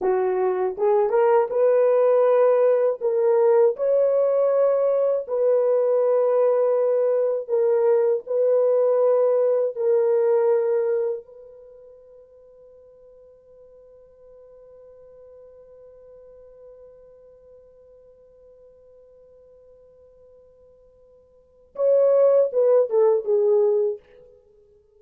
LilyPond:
\new Staff \with { instrumentName = "horn" } { \time 4/4 \tempo 4 = 80 fis'4 gis'8 ais'8 b'2 | ais'4 cis''2 b'4~ | b'2 ais'4 b'4~ | b'4 ais'2 b'4~ |
b'1~ | b'1~ | b'1~ | b'4 cis''4 b'8 a'8 gis'4 | }